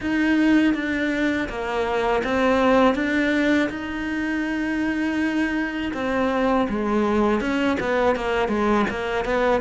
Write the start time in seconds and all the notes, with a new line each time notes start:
0.00 D#4
0.74 D4
1.48 A#3
2.24 C4
2.95 D4
3.69 D#4
5.93 C4
6.69 G#3
7.40 C#4
7.80 B3
8.15 A#3
8.48 G#3
8.90 A#3
9.24 B3